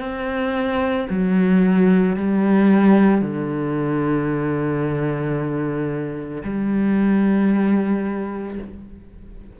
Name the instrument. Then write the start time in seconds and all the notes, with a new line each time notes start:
cello
0.00 C4
1.10 F#3
2.16 G3
3.21 D3
6.44 G3